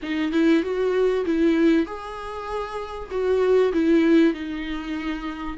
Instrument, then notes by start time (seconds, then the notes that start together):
viola
0.02 D#4
0.32 E4
0.62 F#4
1.25 E4
1.86 G#4
3.10 F#4
3.72 E4
4.33 D#4